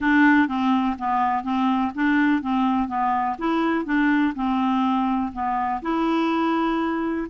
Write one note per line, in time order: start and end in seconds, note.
0.00 0.48 D4
0.48 0.96 C4
0.98 1.43 B3
1.43 1.92 C4
1.94 2.41 D4
2.41 2.88 C4
2.88 3.36 B3
3.38 3.85 E4
3.85 4.33 D4
4.35 5.31 C4
5.32 5.81 B3
5.82 7.27 E4